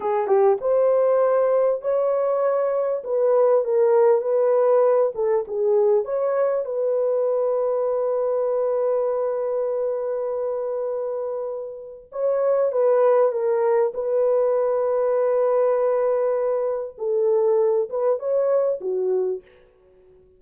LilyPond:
\new Staff \with { instrumentName = "horn" } { \time 4/4 \tempo 4 = 99 gis'8 g'8 c''2 cis''4~ | cis''4 b'4 ais'4 b'4~ | b'8 a'8 gis'4 cis''4 b'4~ | b'1~ |
b'1 | cis''4 b'4 ais'4 b'4~ | b'1 | a'4. b'8 cis''4 fis'4 | }